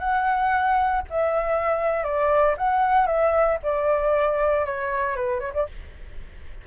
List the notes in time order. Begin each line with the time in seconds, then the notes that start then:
0.00 F#5
1.10 E5
2.04 D5
2.58 F#5
3.07 E5
3.63 D5
4.66 C#5
5.17 B4
5.40 C#5
5.54 D5